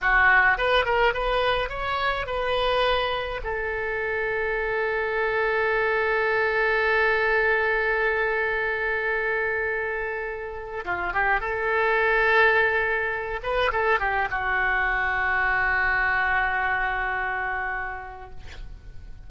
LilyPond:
\new Staff \with { instrumentName = "oboe" } { \time 4/4 \tempo 4 = 105 fis'4 b'8 ais'8 b'4 cis''4 | b'2 a'2~ | a'1~ | a'1~ |
a'2. f'8 g'8 | a'2.~ a'8 b'8 | a'8 g'8 fis'2.~ | fis'1 | }